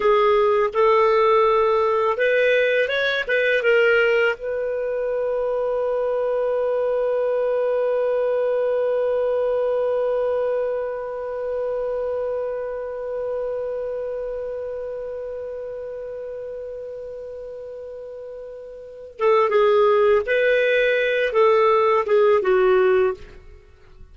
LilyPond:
\new Staff \with { instrumentName = "clarinet" } { \time 4/4 \tempo 4 = 83 gis'4 a'2 b'4 | cis''8 b'8 ais'4 b'2~ | b'1~ | b'1~ |
b'1~ | b'1~ | b'2~ b'8 a'8 gis'4 | b'4. a'4 gis'8 fis'4 | }